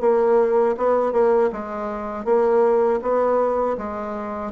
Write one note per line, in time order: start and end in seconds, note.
0.00 0.75 A#3
0.77 1.12 B3
1.12 1.50 A#3
1.52 2.25 G#3
2.25 3.00 A#3
3.01 3.76 B3
3.77 4.52 G#3